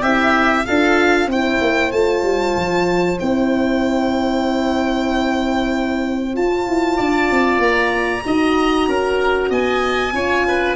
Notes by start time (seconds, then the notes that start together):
0.00 C4 E4 G4 E5
0.65 D4 F4 A4 F5
1.26 C4 E4 C5 G5
1.61 A#3
1.91 A3 F4 A5
2.23 G3
2.56 F3
3.18 C4 E4 G5
6.33 F4 A5
6.67 E4
6.96 D4 D5
7.30 C4
7.58 A#3 A#5
8.25 D#4 F#4 D#5
8.87 C#4 A#4
9.49 B3 D#5 G#5
10.12 C#4 F4 C#5
10.47 B4